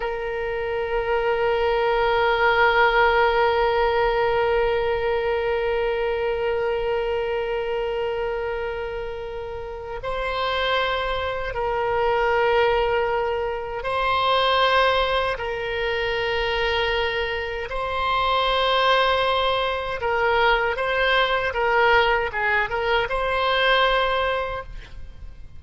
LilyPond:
\new Staff \with { instrumentName = "oboe" } { \time 4/4 \tempo 4 = 78 ais'1~ | ais'1~ | ais'1~ | ais'4 c''2 ais'4~ |
ais'2 c''2 | ais'2. c''4~ | c''2 ais'4 c''4 | ais'4 gis'8 ais'8 c''2 | }